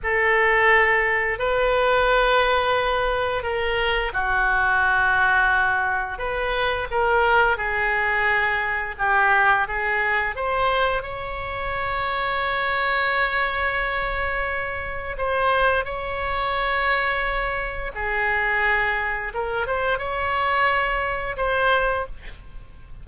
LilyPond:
\new Staff \with { instrumentName = "oboe" } { \time 4/4 \tempo 4 = 87 a'2 b'2~ | b'4 ais'4 fis'2~ | fis'4 b'4 ais'4 gis'4~ | gis'4 g'4 gis'4 c''4 |
cis''1~ | cis''2 c''4 cis''4~ | cis''2 gis'2 | ais'8 c''8 cis''2 c''4 | }